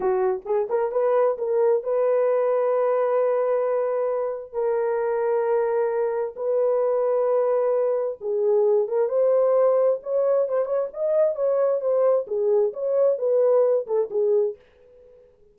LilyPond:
\new Staff \with { instrumentName = "horn" } { \time 4/4 \tempo 4 = 132 fis'4 gis'8 ais'8 b'4 ais'4 | b'1~ | b'2 ais'2~ | ais'2 b'2~ |
b'2 gis'4. ais'8 | c''2 cis''4 c''8 cis''8 | dis''4 cis''4 c''4 gis'4 | cis''4 b'4. a'8 gis'4 | }